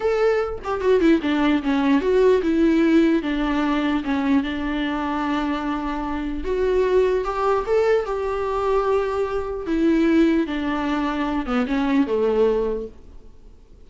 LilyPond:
\new Staff \with { instrumentName = "viola" } { \time 4/4 \tempo 4 = 149 a'4. g'8 fis'8 e'8 d'4 | cis'4 fis'4 e'2 | d'2 cis'4 d'4~ | d'1 |
fis'2 g'4 a'4 | g'1 | e'2 d'2~ | d'8 b8 cis'4 a2 | }